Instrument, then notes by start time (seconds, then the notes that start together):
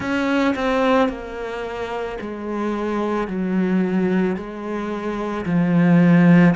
cello
0.00 C#4
0.55 C4
1.09 A#3
2.20 G#3
3.27 F#3
4.36 G#3
5.45 F3